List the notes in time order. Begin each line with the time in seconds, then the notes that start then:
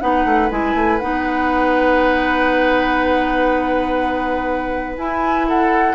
0.00 B3 D#4 B4 F#5
0.24 A3
0.50 G#3 E4 G#5
0.74 A3
0.98 B3 D#4 F#5
4.97 E4 G#5
5.48 A4 F#5